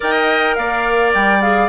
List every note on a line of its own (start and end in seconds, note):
0.00 0.57 D#4
0.00 1.40 A#4
0.00 0.55 D#5
0.00 0.55 G5
0.55 1.14 A#3
0.55 1.69 D5
0.55 1.12 F5
1.14 1.69 G3
1.14 1.41 G5
1.41 1.69 G#4
1.41 1.69 F5